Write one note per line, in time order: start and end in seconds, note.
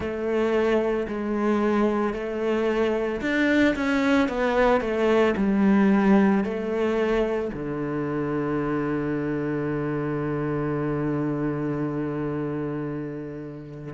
0.00 1.06 A3
1.08 2.13 G#3
2.13 3.20 A3
3.21 3.75 D4
3.75 4.28 C#4
4.28 4.81 B3
4.81 5.34 A3
5.36 6.43 G3
6.43 7.50 A3
7.53 13.93 D3